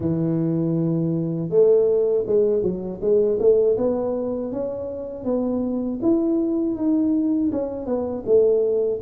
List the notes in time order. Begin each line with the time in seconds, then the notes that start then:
0.00 E3
1.49 A3
2.26 G#3
2.62 F#3
3.01 G#3
3.39 A3
3.77 B3
4.52 C#4
5.24 B3
6.02 E4
6.75 D#4
7.51 C#4
7.86 B3
8.25 A3